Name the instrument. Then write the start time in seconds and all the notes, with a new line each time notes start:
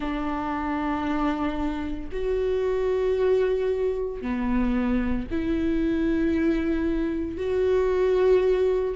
viola
0.00 D4
2.11 F#4
4.21 B3
5.31 E4
7.37 F#4